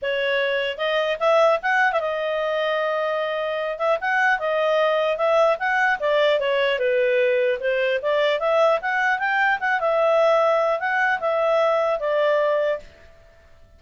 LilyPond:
\new Staff \with { instrumentName = "clarinet" } { \time 4/4 \tempo 4 = 150 cis''2 dis''4 e''4 | fis''8. e''16 dis''2.~ | dis''4. e''8 fis''4 dis''4~ | dis''4 e''4 fis''4 d''4 |
cis''4 b'2 c''4 | d''4 e''4 fis''4 g''4 | fis''8 e''2~ e''8 fis''4 | e''2 d''2 | }